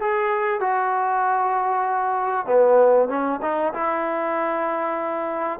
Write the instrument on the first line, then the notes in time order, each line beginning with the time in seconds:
trombone
0.00 G#4
0.60 F#4
2.46 B3
3.09 C#4
3.42 D#4
3.74 E4